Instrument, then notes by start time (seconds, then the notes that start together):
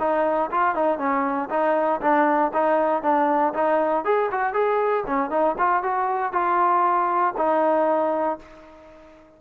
trombone
0.00 D#4
0.51 F4
0.75 D#4
0.99 C#4
1.50 D#4
2.01 D4
2.54 D#4
3.03 D4
3.54 D#4
4.05 G#4
4.32 F#4
4.54 G#4
5.07 C#4
5.30 D#4
5.58 F4
5.83 F#4
6.33 F4
7.38 D#4